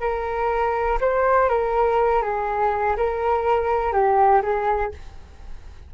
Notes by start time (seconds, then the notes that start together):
0.00 A#4
1.00 C5
1.49 A#4
2.22 G#4
2.96 A#4
3.93 G4
4.42 G#4